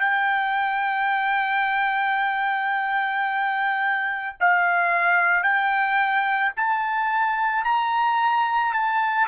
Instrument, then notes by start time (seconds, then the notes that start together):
trumpet
0.00 G5
4.40 F5
5.43 G5
6.57 A5
7.65 A#5
8.73 A5